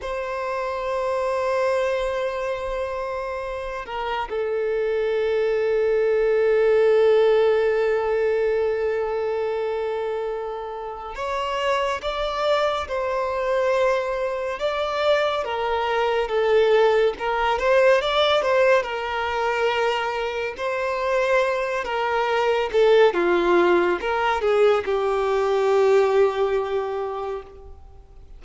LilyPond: \new Staff \with { instrumentName = "violin" } { \time 4/4 \tempo 4 = 70 c''1~ | c''8 ais'8 a'2.~ | a'1~ | a'4 cis''4 d''4 c''4~ |
c''4 d''4 ais'4 a'4 | ais'8 c''8 d''8 c''8 ais'2 | c''4. ais'4 a'8 f'4 | ais'8 gis'8 g'2. | }